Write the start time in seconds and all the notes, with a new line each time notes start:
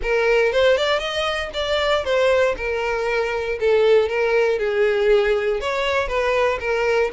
0.02 A#4
0.52 C5
0.77 D5
0.99 D#5
1.53 D5
2.04 C5
2.57 A#4
3.60 A4
4.09 A#4
4.58 G#4
5.60 C#5
6.07 B4
6.60 A#4